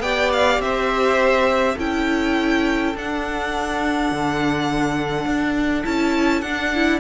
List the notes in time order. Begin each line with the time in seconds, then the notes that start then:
0.00 B3 G4 D5 G5
0.33 F5
0.59 C4 C5 E5
1.75 C#4 E4 A4 G5
2.96 D4 F#5
4.12 D3
5.26 D4
5.85 C#4 E4 A5
6.42 D4 F#5
6.75 E4